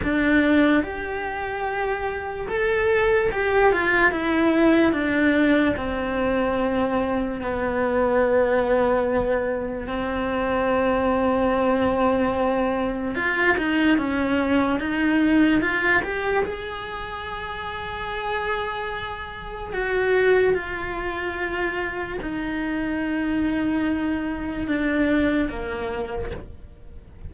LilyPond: \new Staff \with { instrumentName = "cello" } { \time 4/4 \tempo 4 = 73 d'4 g'2 a'4 | g'8 f'8 e'4 d'4 c'4~ | c'4 b2. | c'1 |
f'8 dis'8 cis'4 dis'4 f'8 g'8 | gis'1 | fis'4 f'2 dis'4~ | dis'2 d'4 ais4 | }